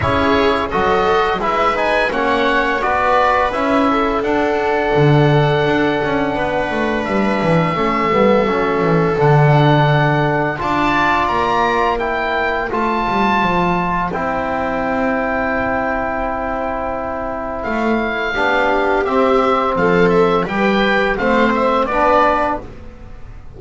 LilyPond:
<<
  \new Staff \with { instrumentName = "oboe" } { \time 4/4 \tempo 4 = 85 cis''4 dis''4 e''8 gis''8 fis''4 | d''4 e''4 fis''2~ | fis''2 e''2~ | e''4 fis''2 a''4 |
ais''4 g''4 a''2 | g''1~ | g''4 f''2 e''4 | f''8 e''8 g''4 f''8 e''8 d''4 | }
  \new Staff \with { instrumentName = "viola" } { \time 4/4 gis'4 a'4 b'4 cis''4 | b'4. a'2~ a'8~ | a'4 b'2 a'4~ | a'2. d''4~ |
d''4 c''2.~ | c''1~ | c''2 g'2 | a'4 b'4 c''4 b'4 | }
  \new Staff \with { instrumentName = "trombone" } { \time 4/4 e'4 fis'4 e'8 dis'8 cis'4 | fis'4 e'4 d'2~ | d'2. cis'8 b8 | cis'4 d'2 f'4~ |
f'4 e'4 f'2 | e'1~ | e'2 d'4 c'4~ | c'4 g'4 c'4 d'4 | }
  \new Staff \with { instrumentName = "double bass" } { \time 4/4 cis'4 fis4 gis4 ais4 | b4 cis'4 d'4 d4 | d'8 cis'8 b8 a8 g8 e8 a8 g8 | fis8 e8 d2 d'4 |
ais2 a8 g8 f4 | c'1~ | c'4 a4 b4 c'4 | f4 g4 a4 b4 | }
>>